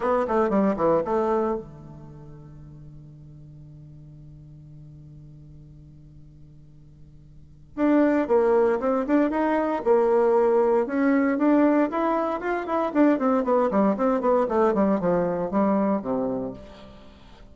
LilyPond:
\new Staff \with { instrumentName = "bassoon" } { \time 4/4 \tempo 4 = 116 b8 a8 g8 e8 a4 d4~ | d1~ | d1~ | d2. d'4 |
ais4 c'8 d'8 dis'4 ais4~ | ais4 cis'4 d'4 e'4 | f'8 e'8 d'8 c'8 b8 g8 c'8 b8 | a8 g8 f4 g4 c4 | }